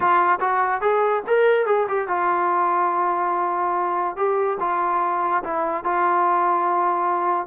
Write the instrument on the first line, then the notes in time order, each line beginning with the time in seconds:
trombone
0.00 F4
0.40 F#4
0.81 G#4
1.27 A#4
1.66 G#4
1.88 G4
2.08 F4
4.16 G4
4.60 F4
5.43 E4
5.84 F4